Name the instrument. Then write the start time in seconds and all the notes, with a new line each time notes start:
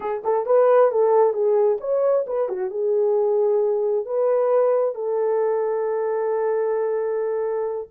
horn
0.00 G#4
0.24 A4
0.46 B4
0.91 A4
1.33 G#4
1.80 C#5
2.27 B4
2.48 F#4
2.70 G#4
4.05 B4
4.95 A4